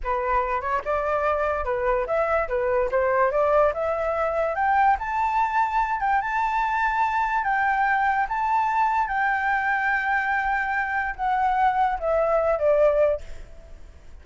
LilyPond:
\new Staff \with { instrumentName = "flute" } { \time 4/4 \tempo 4 = 145 b'4. cis''8 d''2 | b'4 e''4 b'4 c''4 | d''4 e''2 g''4 | a''2~ a''8 g''8 a''4~ |
a''2 g''2 | a''2 g''2~ | g''2. fis''4~ | fis''4 e''4. d''4. | }